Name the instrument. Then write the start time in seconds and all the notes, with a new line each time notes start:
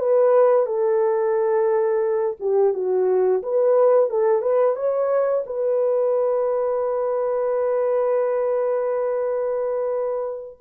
horn
0.00 B4
0.66 A4
2.40 G4
2.74 F#4
3.43 B4
4.10 A4
4.42 B4
4.76 C#5
5.46 B4